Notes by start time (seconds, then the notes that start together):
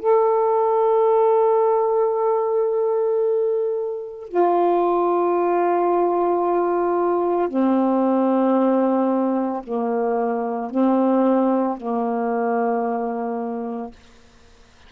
0.00 A4
4.29 F4
7.49 C4
9.63 A#3
10.70 C4
11.78 A#3